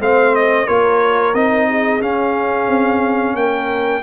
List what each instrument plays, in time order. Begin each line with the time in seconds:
0.00 tuba A3, trombone C4, horn C5, trumpet F5
0.35 trumpet D#5
0.66 tuba A#3, trombone F4, horn A#4, trumpet C#5
1.34 tuba C4, trombone D#4, trumpet D#5
1.68 horn G#4
2.00 trombone C#4, tuba C#4, trumpet F5
2.67 tuba C4
3.34 tuba A#3, horn A#4, trumpet G5